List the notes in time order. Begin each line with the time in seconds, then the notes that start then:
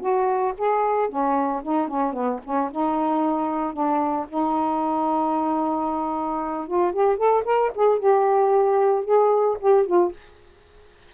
0.00 F#4
0.58 G#4
1.09 C#4
1.63 D#4
1.88 C#4
2.13 B3
2.44 C#4
2.71 D#4
3.73 D4
4.29 D#4
6.68 F4
6.93 G4
7.17 A4
7.45 A#4
7.75 G#4
7.99 G4
9.05 G#4
9.60 G4
9.86 F4